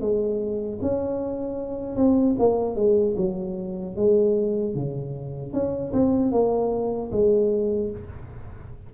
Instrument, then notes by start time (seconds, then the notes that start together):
tuba
0.00 G#3
0.81 C#4
1.96 C4
2.39 A#3
2.76 G#3
3.17 F#3
3.96 G#3
4.75 C#3
5.53 C#4
5.92 C4
6.32 A#3
7.12 G#3